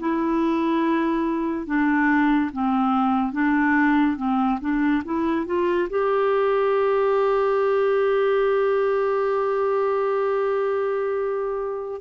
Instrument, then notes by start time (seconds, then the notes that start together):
clarinet
0.00 E4
1.67 D4
2.53 C4
3.33 D4
4.17 C4
4.61 D4
5.05 E4
5.47 F4
5.90 G4